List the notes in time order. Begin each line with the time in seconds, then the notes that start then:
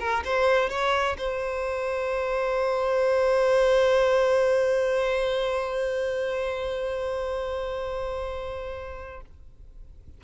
0.00 A#4
0.25 C5
0.70 C#5
1.18 C5